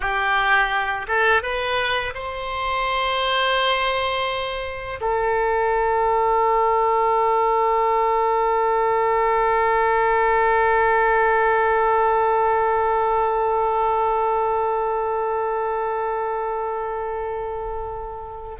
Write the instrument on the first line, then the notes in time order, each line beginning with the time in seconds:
oboe
0.00 G4
1.07 A4
1.42 B4
2.14 C5
5.00 A4